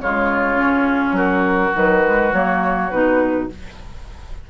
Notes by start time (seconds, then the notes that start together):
0.00 C#3 G#3 F4 C#5
0.56 C#4
1.11 F#3 F#4 A#4
1.74 D#3 F#3 B4
2.03 G#3
2.33 F#3 A#3 C#5
2.90 B2 D#4 B4